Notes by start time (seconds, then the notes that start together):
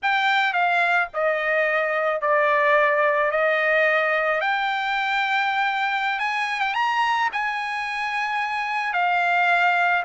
0.02 G5
0.53 F5
1.13 D#5
2.21 D5
3.31 D#5
4.40 G5
6.19 G#5
6.60 G5
6.74 A#5
7.32 G#5
8.93 F5